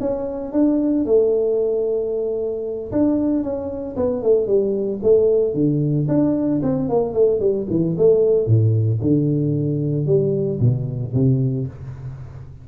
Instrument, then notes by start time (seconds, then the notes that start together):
tuba
0.00 C#4
0.52 D4
1.05 A3
2.92 D4
3.42 C#4
3.96 B3
4.22 A3
4.47 G3
5.02 A3
5.53 D3
6.08 D4
6.63 C4
6.89 A#3
7.13 A3
7.40 G3
7.70 E3
7.97 A3
8.46 A2
9.01 D3
10.06 G3
10.60 B2
11.13 C3